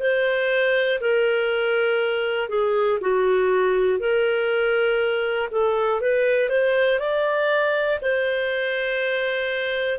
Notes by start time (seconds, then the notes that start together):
0.00 C5
1.01 A#4
2.50 G#4
3.01 F#4
4.00 A#4
5.51 A4
6.01 B4
6.50 C5
7.00 D5
8.02 C5